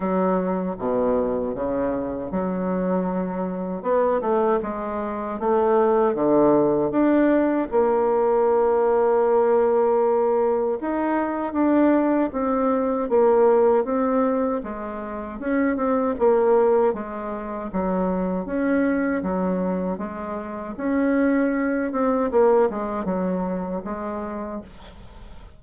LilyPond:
\new Staff \with { instrumentName = "bassoon" } { \time 4/4 \tempo 4 = 78 fis4 b,4 cis4 fis4~ | fis4 b8 a8 gis4 a4 | d4 d'4 ais2~ | ais2 dis'4 d'4 |
c'4 ais4 c'4 gis4 | cis'8 c'8 ais4 gis4 fis4 | cis'4 fis4 gis4 cis'4~ | cis'8 c'8 ais8 gis8 fis4 gis4 | }